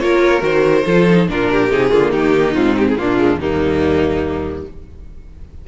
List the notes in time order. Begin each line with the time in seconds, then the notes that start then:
0.00 A#3 F4 A#4 C#5
0.40 D#3 F#4 C5
0.85 F3 F4 A4
1.10 D#4
1.28 A#2 D4 F4 A#4
1.52 G4
1.71 C3 D#4 G#4
1.91 D3 A#3 F4
2.12 D#3 D#4 G4
2.55 G#2 C4 F4
2.77 G4
2.89 G#4
2.97 A#2 A#3 D4 F4
3.17 G#3
3.36 D#2 G3 A#3 D#4